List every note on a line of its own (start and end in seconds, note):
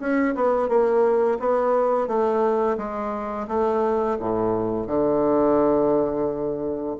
0.00 0.35 C#4
0.35 0.68 B3
0.68 1.38 A#3
1.40 2.07 B3
2.07 2.77 A3
2.77 3.47 G#3
3.48 4.18 A3
4.20 4.87 A2
4.87 6.96 D3